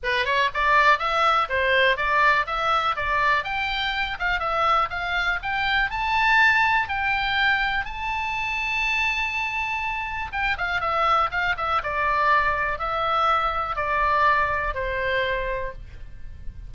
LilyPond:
\new Staff \with { instrumentName = "oboe" } { \time 4/4 \tempo 4 = 122 b'8 cis''8 d''4 e''4 c''4 | d''4 e''4 d''4 g''4~ | g''8 f''8 e''4 f''4 g''4 | a''2 g''2 |
a''1~ | a''4 g''8 f''8 e''4 f''8 e''8 | d''2 e''2 | d''2 c''2 | }